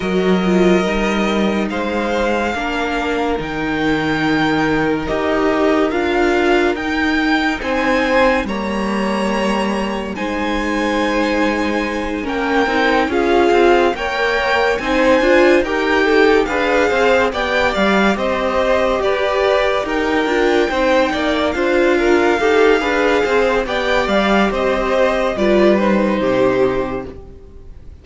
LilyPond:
<<
  \new Staff \with { instrumentName = "violin" } { \time 4/4 \tempo 4 = 71 dis''2 f''2 | g''2 dis''4 f''4 | g''4 gis''4 ais''2 | gis''2~ gis''8 g''4 f''8~ |
f''8 g''4 gis''4 g''4 f''8~ | f''8 g''8 f''8 dis''4 d''4 g''8~ | g''4. f''2~ f''8 | g''8 f''8 dis''4 d''8 c''4. | }
  \new Staff \with { instrumentName = "violin" } { \time 4/4 ais'2 c''4 ais'4~ | ais'1~ | ais'4 c''4 cis''2 | c''2~ c''8 ais'4 gis'8~ |
gis'8 cis''4 c''4 ais'8 a'8 b'8 | c''8 d''4 c''4 b'4 ais'8~ | ais'8 c''8 d''8 c''8 ais'8 a'8 b'8 c''8 | d''4 c''4 b'4 g'4 | }
  \new Staff \with { instrumentName = "viola" } { \time 4/4 fis'8 f'8 dis'2 d'4 | dis'2 g'4 f'4 | dis'2 ais2 | dis'2~ dis'8 cis'8 dis'8 f'8~ |
f'8 ais'4 dis'8 f'8 g'4 gis'8~ | gis'8 g'2.~ g'8 | f'8 dis'4 f'4 g'8 gis'4 | g'2 f'8 dis'4. | }
  \new Staff \with { instrumentName = "cello" } { \time 4/4 fis4 g4 gis4 ais4 | dis2 dis'4 d'4 | dis'4 c'4 g2 | gis2~ gis8 ais8 c'8 cis'8 |
c'8 ais4 c'8 d'8 dis'4 d'8 | c'8 b8 g8 c'4 g'4 dis'8 | d'8 c'8 ais8 d'4 dis'8 d'8 c'8 | b8 g8 c'4 g4 c4 | }
>>